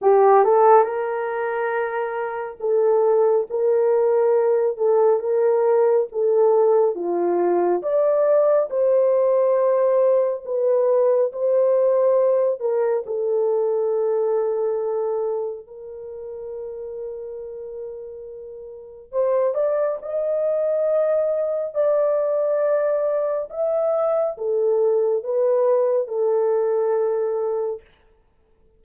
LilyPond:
\new Staff \with { instrumentName = "horn" } { \time 4/4 \tempo 4 = 69 g'8 a'8 ais'2 a'4 | ais'4. a'8 ais'4 a'4 | f'4 d''4 c''2 | b'4 c''4. ais'8 a'4~ |
a'2 ais'2~ | ais'2 c''8 d''8 dis''4~ | dis''4 d''2 e''4 | a'4 b'4 a'2 | }